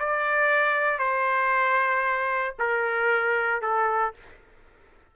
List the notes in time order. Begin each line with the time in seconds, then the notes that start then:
0.00 D5
0.99 C5
2.59 A#4
3.62 A4